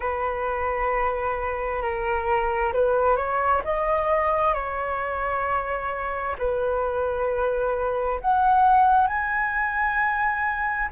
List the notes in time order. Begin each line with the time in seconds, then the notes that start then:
0.00 B4
1.81 A#4
2.73 B4
3.16 C#5
3.64 D#5
4.54 C#5
6.38 B4
8.21 F#5
9.07 G#5